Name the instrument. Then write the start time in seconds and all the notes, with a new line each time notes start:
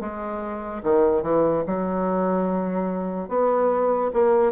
bassoon
0.00 G#3
0.83 D#3
1.23 E3
1.67 F#3
3.29 B3
4.14 A#3